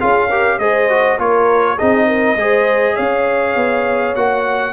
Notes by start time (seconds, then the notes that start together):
0.00 C#4 F4 G#4 F5
0.28 G4 A#4
0.59 G#3 G#4 C5 D#5
0.90 F#4
1.19 A#3 F4 A#4 C#5
1.76 C4 D#4 G#4 D#5
2.08 A#4
2.36 G#3 G#4 C5
2.95 C#4 C#5 F5
3.56 B3
4.16 A#3 F#4 F#5